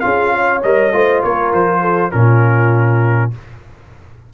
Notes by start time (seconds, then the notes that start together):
0.00 C#4 F4 G#4 F5
0.35 C#5
0.62 G3 A#4 D#5
0.93 A3 F4 C5
1.23 A#3 A#4 C#5
1.53 F3 C5
1.81 A4
2.11 A#2 C#4 F4 A#4